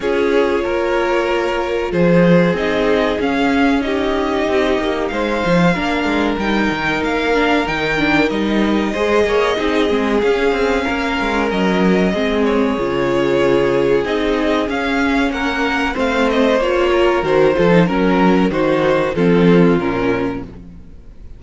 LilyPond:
<<
  \new Staff \with { instrumentName = "violin" } { \time 4/4 \tempo 4 = 94 cis''2. c''4 | dis''4 f''4 dis''2 | f''2 g''4 f''4 | g''4 dis''2. |
f''2 dis''4. cis''8~ | cis''2 dis''4 f''4 | fis''4 f''8 dis''8 cis''4 c''4 | ais'4 c''4 a'4 ais'4 | }
  \new Staff \with { instrumentName = "violin" } { \time 4/4 gis'4 ais'2 gis'4~ | gis'2 g'2 | c''4 ais'2.~ | ais'2 c''8 cis''8 gis'4~ |
gis'4 ais'2 gis'4~ | gis'1 | ais'4 c''4. ais'4 a'8 | ais'4 fis'4 f'2 | }
  \new Staff \with { instrumentName = "viola" } { \time 4/4 f'1 | dis'4 cis'4 dis'2~ | dis'4 d'4 dis'4. d'8 | dis'8 d'8 dis'4 gis'4 dis'8 c'8 |
cis'2. c'4 | f'2 dis'4 cis'4~ | cis'4 c'4 f'4 fis'8 f'16 dis'16 | cis'4 dis'4 c'4 cis'4 | }
  \new Staff \with { instrumentName = "cello" } { \time 4/4 cis'4 ais2 f4 | c'4 cis'2 c'8 ais8 | gis8 f8 ais8 gis8 g8 dis8 ais4 | dis4 g4 gis8 ais8 c'8 gis8 |
cis'8 c'8 ais8 gis8 fis4 gis4 | cis2 c'4 cis'4 | ais4 a4 ais4 dis8 f8 | fis4 dis4 f4 ais,4 | }
>>